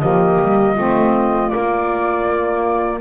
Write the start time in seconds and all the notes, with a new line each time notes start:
0.00 F3 A#3 G4 D#5
0.42 G3
0.75 A3 C4 F4
1.50 A#3 D5